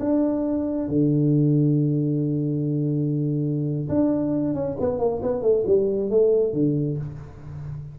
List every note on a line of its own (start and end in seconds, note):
0.00 0.89 D4
0.89 3.89 D3
3.89 4.55 D4
4.55 4.77 C#4
4.80 4.99 B3
4.99 5.22 A#3
5.23 5.42 B3
5.42 5.64 A3
5.67 6.10 G3
6.10 6.54 A3
6.54 6.98 D3